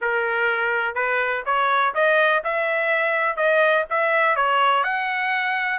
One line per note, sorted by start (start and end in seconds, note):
0.01 0.94 A#4
0.94 1.43 B4
1.45 1.94 C#5
1.94 2.43 D#5
2.43 3.36 E5
3.36 3.84 D#5
3.90 4.35 E5
4.35 4.83 C#5
4.83 5.78 F#5